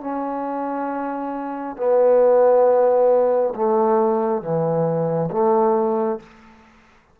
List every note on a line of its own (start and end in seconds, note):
0.00 1.76 C#4
1.76 3.53 B3
3.55 4.41 A3
4.41 5.29 E3
5.31 6.19 A3